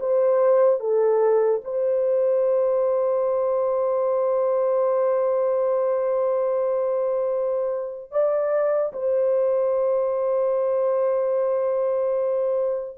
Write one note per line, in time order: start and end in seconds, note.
0.00 0.80 C5
0.80 1.61 A4
1.64 8.12 C5
8.12 8.93 D5
8.93 12.98 C5